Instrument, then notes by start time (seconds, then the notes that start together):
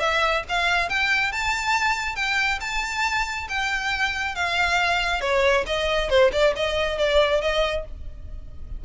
violin
0.00 E5
0.49 F5
0.89 G5
1.32 A5
2.15 G5
2.60 A5
3.49 G5
4.35 F5
5.21 C#5
5.66 D#5
6.09 C5
6.32 D5
6.56 D#5
6.98 D5
7.41 D#5